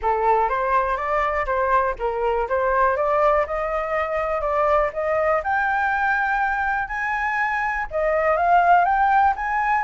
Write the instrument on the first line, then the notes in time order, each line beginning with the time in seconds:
flute
0.01 A4
0.49 C5
0.96 D5
1.46 C5
1.99 A#4
2.48 C5
2.96 D5
3.46 D#5
4.41 D5
4.93 D#5
5.43 G5
6.87 G#5
7.90 D#5
8.36 F5
8.85 G5
9.36 G#5